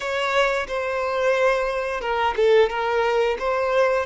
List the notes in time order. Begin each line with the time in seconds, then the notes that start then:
0.00 C#5
0.67 C5
2.00 A#4
2.36 A4
2.69 A#4
3.38 C5